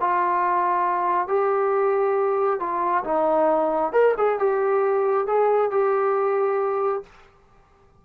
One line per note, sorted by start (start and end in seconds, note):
0.00 1.27 F4
1.27 2.59 G4
2.59 3.04 F4
3.04 3.92 D#4
3.92 4.15 A#4
4.17 4.39 G#4
4.39 5.27 G4
5.27 5.71 G#4
5.71 7.03 G4